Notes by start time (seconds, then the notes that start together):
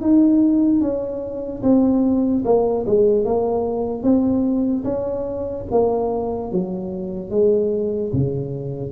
0.00 D#4
0.81 C#4
1.63 C4
2.45 A#3
2.86 G#3
3.24 A#3
4.02 C4
4.84 C#4
5.71 A#3
6.51 F#3
7.30 G#3
8.13 C#3